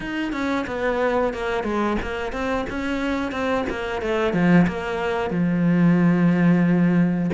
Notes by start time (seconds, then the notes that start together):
0.00 D#4
0.32 C#4
0.66 B3
1.33 A#3
1.63 G#3
2.02 A#3
2.32 C4
2.69 C#4
3.31 C4
3.69 A#3
4.01 A3
4.33 F3
4.67 A#3
5.30 F3